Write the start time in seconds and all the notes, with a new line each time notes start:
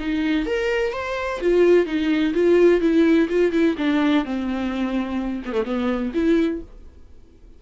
0.00 D#4
0.46 A#4
0.93 C5
1.41 F4
1.87 D#4
2.34 F4
2.81 E4
3.30 F4
3.52 E4
3.78 D4
4.25 C4
5.46 B3
5.53 A3
5.65 B3
6.14 E4